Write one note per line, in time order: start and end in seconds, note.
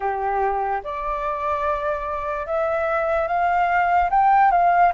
0.00 0.82 G4
0.83 2.46 D5
2.46 3.27 E5
3.27 4.09 F5
4.09 4.51 G5
4.51 4.92 F5